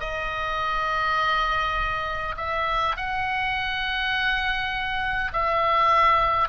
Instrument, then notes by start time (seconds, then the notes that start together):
oboe
0.00 D#5
2.37 E5
2.97 F#5
5.33 E5